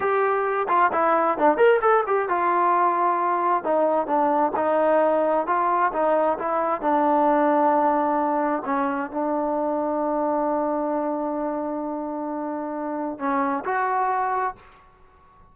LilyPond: \new Staff \with { instrumentName = "trombone" } { \time 4/4 \tempo 4 = 132 g'4. f'8 e'4 d'8 ais'8 | a'8 g'8 f'2. | dis'4 d'4 dis'2 | f'4 dis'4 e'4 d'4~ |
d'2. cis'4 | d'1~ | d'1~ | d'4 cis'4 fis'2 | }